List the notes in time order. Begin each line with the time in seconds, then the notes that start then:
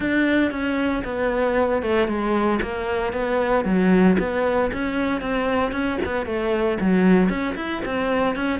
0.00 D4
0.51 C#4
1.04 B3
1.82 A3
2.07 G#3
2.61 A#3
3.13 B3
3.64 F#3
4.18 B3
4.72 C#4
5.21 C4
5.72 C#4
6.05 B3
6.25 A3
6.80 F#3
7.29 C#4
7.55 E4
7.85 C4
8.35 C#4